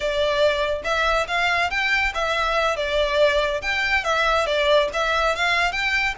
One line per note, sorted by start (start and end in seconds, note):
0.00 0.82 D5
0.84 1.26 E5
1.27 1.70 F5
1.70 2.13 G5
2.14 2.76 E5
2.76 3.61 D5
3.61 4.03 G5
4.03 4.46 E5
4.46 4.88 D5
4.93 5.35 E5
5.35 5.72 F5
5.72 6.14 G5